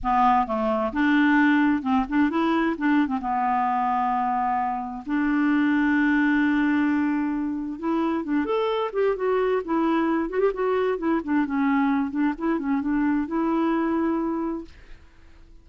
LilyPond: \new Staff \with { instrumentName = "clarinet" } { \time 4/4 \tempo 4 = 131 b4 a4 d'2 | c'8 d'8 e'4 d'8. c'16 b4~ | b2. d'4~ | d'1~ |
d'4 e'4 d'8 a'4 g'8 | fis'4 e'4. fis'16 g'16 fis'4 | e'8 d'8 cis'4. d'8 e'8 cis'8 | d'4 e'2. | }